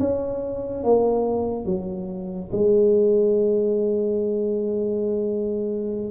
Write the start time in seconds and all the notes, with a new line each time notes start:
0.00 C#4
0.84 A#3
1.65 F#3
2.52 G#3